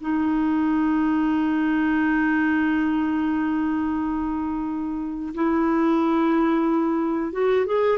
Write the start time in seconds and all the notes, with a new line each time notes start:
0.00 D#4
5.34 E4
7.32 F#4
7.65 G#4